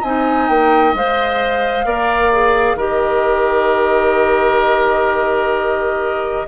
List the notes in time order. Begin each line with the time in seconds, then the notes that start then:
0.00 C4 D#4 D#5 G#5
0.48 A#3 G5
0.93 G#3 C5 F5
1.84 A#3 A#4 D5
2.32 G#4
2.75 D#3 G4 A#4 D#5